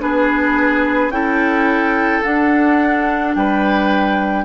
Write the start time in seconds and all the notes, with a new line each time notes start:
0.00 B3 D4 G#4 B4
1.09 C#4 E4 A4 G5
2.23 D4 F#5
3.35 G3 B4 G5